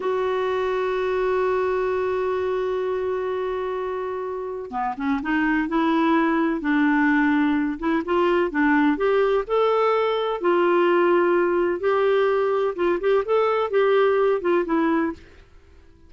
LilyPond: \new Staff \with { instrumentName = "clarinet" } { \time 4/4 \tempo 4 = 127 fis'1~ | fis'1~ | fis'2 b8 cis'8 dis'4 | e'2 d'2~ |
d'8 e'8 f'4 d'4 g'4 | a'2 f'2~ | f'4 g'2 f'8 g'8 | a'4 g'4. f'8 e'4 | }